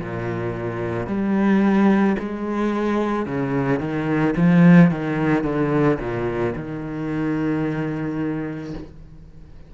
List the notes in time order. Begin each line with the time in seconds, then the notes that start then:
0.00 A#2
1.07 G3
2.19 G#3
3.26 C#3
3.80 D#3
4.36 F3
4.90 D#3
5.43 D3
6.00 A#2
6.56 D#3